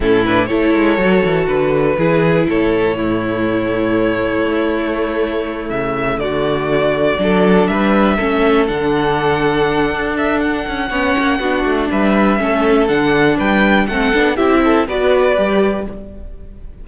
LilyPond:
<<
  \new Staff \with { instrumentName = "violin" } { \time 4/4 \tempo 4 = 121 a'8 b'8 cis''2 b'4~ | b'4 cis''2.~ | cis''2.~ cis''8 e''8~ | e''8 d''2. e''8~ |
e''4. fis''2~ fis''8~ | fis''8 e''8 fis''2. | e''2 fis''4 g''4 | fis''4 e''4 d''2 | }
  \new Staff \with { instrumentName = "violin" } { \time 4/4 e'4 a'2. | gis'4 a'4 e'2~ | e'1~ | e'8 fis'2 a'4 b'8~ |
b'8 a'2.~ a'8~ | a'2 cis''4 fis'4 | b'4 a'2 b'4 | a'4 g'8 a'8 b'2 | }
  \new Staff \with { instrumentName = "viola" } { \time 4/4 cis'8 d'8 e'4 fis'2 | e'2 a2~ | a1~ | a2~ a8 d'4.~ |
d'8 cis'4 d'2~ d'8~ | d'2 cis'4 d'4~ | d'4 cis'4 d'2 | c'8 d'8 e'4 fis'4 g'4 | }
  \new Staff \with { instrumentName = "cello" } { \time 4/4 a,4 a8 gis8 fis8 e8 d4 | e4 a,2.~ | a,4 a2~ a8 cis8~ | cis8 d2 fis4 g8~ |
g8 a4 d2~ d8 | d'4. cis'8 b8 ais8 b8 a8 | g4 a4 d4 g4 | a8 b8 c'4 b4 g4 | }
>>